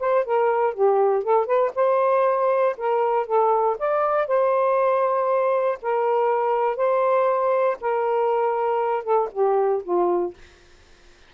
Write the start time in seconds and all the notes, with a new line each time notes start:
0.00 C5
0.25 A#4
0.74 G4
1.24 A4
1.46 B4
1.75 C5
2.78 A#4
3.27 A4
3.79 D5
4.28 C5
5.82 A#4
6.77 C5
7.81 A#4
9.04 A4
9.32 G4
9.84 F4